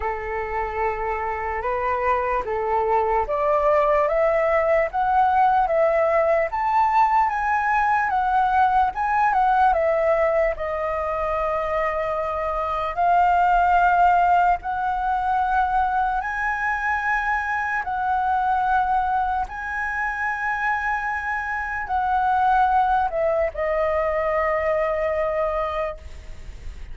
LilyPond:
\new Staff \with { instrumentName = "flute" } { \time 4/4 \tempo 4 = 74 a'2 b'4 a'4 | d''4 e''4 fis''4 e''4 | a''4 gis''4 fis''4 gis''8 fis''8 | e''4 dis''2. |
f''2 fis''2 | gis''2 fis''2 | gis''2. fis''4~ | fis''8 e''8 dis''2. | }